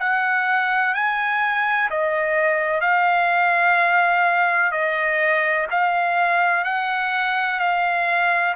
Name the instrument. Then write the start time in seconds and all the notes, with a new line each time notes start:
trumpet
0.00 F#5
0.95 G#5
1.91 D#5
2.81 F5
4.72 D#5
5.71 F5
6.65 F#5
7.60 F5